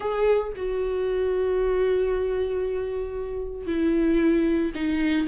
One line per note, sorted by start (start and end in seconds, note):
0.00 0.52 G#4
0.56 3.67 F#4
3.67 4.72 E4
4.74 5.27 D#4